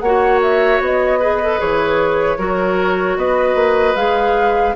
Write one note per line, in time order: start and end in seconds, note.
0.00 0.80 A#3
0.00 1.21 F#4
0.00 1.20 C#5
0.00 0.39 F#5
0.42 0.82 E5
0.80 1.59 B3
0.80 1.60 D#5
1.20 1.41 G#4
1.20 2.38 B4
1.43 1.59 A4
1.59 2.38 E3
1.59 2.38 G#4
1.59 3.18 C#5
2.38 3.17 F#3
2.38 3.96 F#4
2.38 3.17 A#4
3.17 3.55 B3
3.17 4.76 B4
3.17 3.97 D#5
3.55 3.94 A#3
3.96 4.75 G#3
3.96 4.75 G#4
3.96 4.75 F5